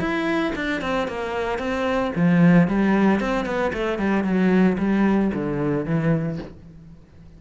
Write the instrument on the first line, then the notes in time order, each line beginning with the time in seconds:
cello
0.00 E4
0.56 D4
0.82 C4
1.08 A#3
1.59 C4
2.16 F3
2.68 G3
3.20 C4
3.46 B3
3.73 A3
3.99 G3
4.24 F#3
4.78 G3
5.34 D3
5.86 E3